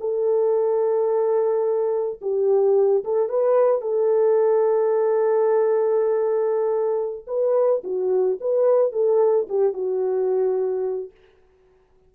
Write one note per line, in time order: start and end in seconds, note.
0.00 2.20 A4
2.21 3.04 G4
3.05 3.29 A4
3.29 3.82 B4
3.82 7.26 A4
7.27 7.82 B4
7.84 8.39 F#4
8.41 8.93 B4
8.93 9.48 A4
9.49 9.74 G4
9.74 11.11 F#4